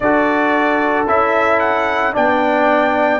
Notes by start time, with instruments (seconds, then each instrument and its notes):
0.00 tuba D4, trombone F#4, horn A4, trumpet D5
1.07 tuba C#4, trombone E4, trumpet E5
1.59 trumpet F#5
2.13 tuba B3, trombone D4, horn D5, trumpet G5